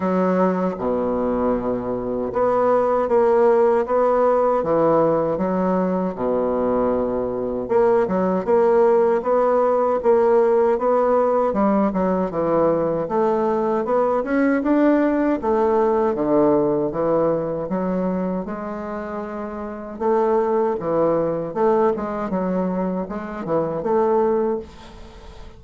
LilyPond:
\new Staff \with { instrumentName = "bassoon" } { \time 4/4 \tempo 4 = 78 fis4 b,2 b4 | ais4 b4 e4 fis4 | b,2 ais8 fis8 ais4 | b4 ais4 b4 g8 fis8 |
e4 a4 b8 cis'8 d'4 | a4 d4 e4 fis4 | gis2 a4 e4 | a8 gis8 fis4 gis8 e8 a4 | }